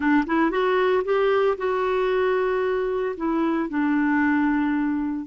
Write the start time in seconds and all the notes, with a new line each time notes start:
0.00 D4
0.26 E4
0.50 F#4
1.04 G4
1.57 F#4
3.17 E4
3.69 D4